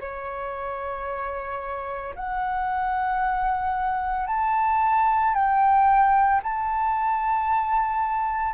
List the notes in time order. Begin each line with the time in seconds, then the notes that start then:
0.00 C#5
2.15 F#5
4.27 A5
5.34 G5
6.43 A5